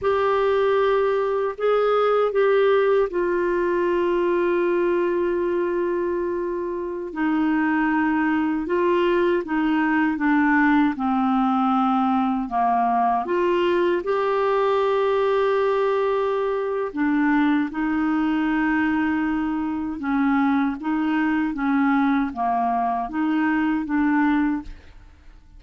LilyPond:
\new Staff \with { instrumentName = "clarinet" } { \time 4/4 \tempo 4 = 78 g'2 gis'4 g'4 | f'1~ | f'4~ f'16 dis'2 f'8.~ | f'16 dis'4 d'4 c'4.~ c'16~ |
c'16 ais4 f'4 g'4.~ g'16~ | g'2 d'4 dis'4~ | dis'2 cis'4 dis'4 | cis'4 ais4 dis'4 d'4 | }